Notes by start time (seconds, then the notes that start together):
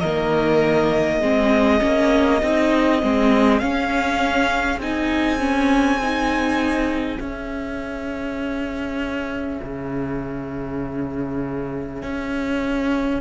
0.00 D#3 A#3 A#4 D#5
1.20 G#3 C4 G#4
1.80 A#3 C#4
2.43 C4 D#4
3.02 G#3 C4
3.59 C#4 F5
4.78 C4 D#4 G#5
5.39 C#4
6.03 D#4
7.20 C#4 E5
9.63 C#3
12.03 C#4